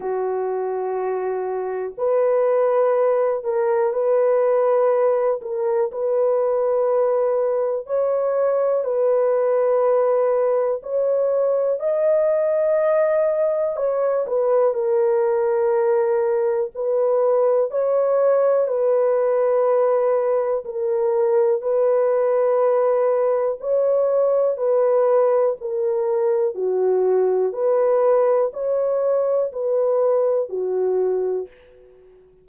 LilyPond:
\new Staff \with { instrumentName = "horn" } { \time 4/4 \tempo 4 = 61 fis'2 b'4. ais'8 | b'4. ais'8 b'2 | cis''4 b'2 cis''4 | dis''2 cis''8 b'8 ais'4~ |
ais'4 b'4 cis''4 b'4~ | b'4 ais'4 b'2 | cis''4 b'4 ais'4 fis'4 | b'4 cis''4 b'4 fis'4 | }